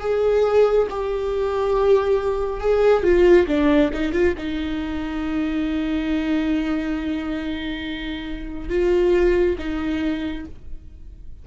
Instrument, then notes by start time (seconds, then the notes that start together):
viola
0.00 G#4
0.90 G4
2.60 G#4
3.03 F4
3.47 D4
3.93 D#4
4.12 F4
4.38 D#4
8.69 F4
9.58 D#4